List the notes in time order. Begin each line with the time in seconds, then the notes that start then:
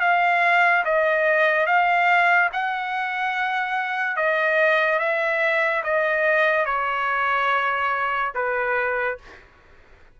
0.00 F5
0.84 D#5
1.66 F5
2.52 F#5
4.16 D#5
4.99 E5
5.83 D#5
6.65 C#5
8.34 B4